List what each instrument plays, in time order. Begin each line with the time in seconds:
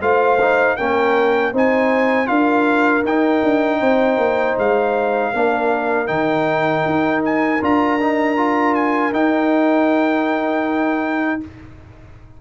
0.00 tuba A3, trombone F4, horn C5, trumpet F5
0.40 trombone D#4
0.76 tuba A#3, trombone C#4, horn A#4, trumpet G5
1.52 tuba C4, trombone D#4, horn C5, trumpet G#5
2.26 tuba D4, trombone F4, horn A#4, trumpet F5
3.04 tuba D#4, trombone D#4, trumpet G5
3.43 tuba D4
3.79 tuba C4, horn C5
4.17 tuba A#3
4.58 tuba G#3, trumpet F5
5.32 tuba A#3, trombone D4, horn A#4
6.07 tuba D#3, trombone D#4, trumpet G5
6.85 tuba D#4
7.25 trumpet G#5
7.61 tuba D4, trombone F4, trumpet A#5
8.00 trombone D#4
8.37 trombone F4
8.75 trumpet G#5
9.12 tuba D#4, trombone D#4, trumpet G5